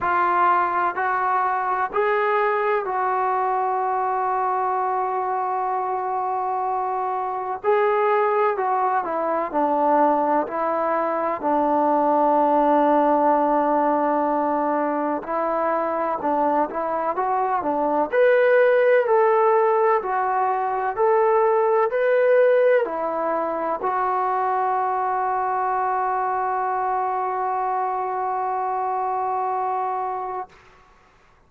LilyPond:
\new Staff \with { instrumentName = "trombone" } { \time 4/4 \tempo 4 = 63 f'4 fis'4 gis'4 fis'4~ | fis'1 | gis'4 fis'8 e'8 d'4 e'4 | d'1 |
e'4 d'8 e'8 fis'8 d'8 b'4 | a'4 fis'4 a'4 b'4 | e'4 fis'2.~ | fis'1 | }